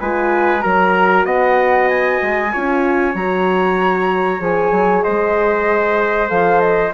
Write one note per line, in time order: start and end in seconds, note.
0.00 0.64 G#3
0.00 0.60 F4
0.00 0.62 B4
0.00 0.60 G#5
0.60 1.25 F#3
0.60 2.50 F#4
0.60 1.25 A#4
0.60 1.23 A#5
1.25 2.19 B3
1.25 2.52 D#5
1.25 1.88 F#5
1.88 3.14 G#5
2.22 2.53 G#3
2.52 3.14 C#4
2.52 3.15 F4
2.52 5.04 C#5
3.14 4.40 F#3
3.14 4.39 F#4
3.14 4.41 A#5
4.39 4.71 F3
4.39 6.28 G#4
4.39 5.02 G#5
4.71 5.03 F#3
5.02 6.30 G#3
5.02 6.93 C5
5.02 6.29 D#5
6.28 6.93 F3
6.28 6.91 A4
6.28 6.60 F5
6.60 6.92 D#5